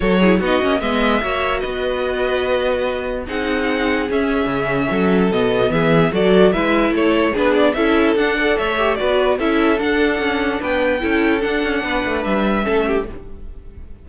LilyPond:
<<
  \new Staff \with { instrumentName = "violin" } { \time 4/4 \tempo 4 = 147 cis''4 dis''4 e''2 | dis''1 | fis''2 e''2~ | e''4 dis''4 e''4 d''4 |
e''4 cis''4 b'8 d''8 e''4 | fis''4 e''4 d''4 e''4 | fis''2 g''2 | fis''2 e''2 | }
  \new Staff \with { instrumentName = "violin" } { \time 4/4 a'8 gis'8 fis'4 dis''4 cis''4 | b'1 | gis'1 | a'2 gis'4 a'4 |
b'4 a'4 gis'4 a'4~ | a'8 d''8 cis''4 b'4 a'4~ | a'2 b'4 a'4~ | a'4 b'2 a'8 g'8 | }
  \new Staff \with { instrumentName = "viola" } { \time 4/4 fis'8 e'8 dis'8 cis'8 b4 fis'4~ | fis'1 | dis'2 cis'2~ | cis'4 b2 fis'4 |
e'2 d'4 e'4 | d'8 a'4 g'8 fis'4 e'4 | d'2. e'4 | d'2. cis'4 | }
  \new Staff \with { instrumentName = "cello" } { \time 4/4 fis4 b8 ais8 gis4 ais4 | b1 | c'2 cis'4 cis4 | fis4 b,4 e4 fis4 |
gis4 a4 b4 cis'4 | d'4 a4 b4 cis'4 | d'4 cis'4 b4 cis'4 | d'8 cis'8 b8 a8 g4 a4 | }
>>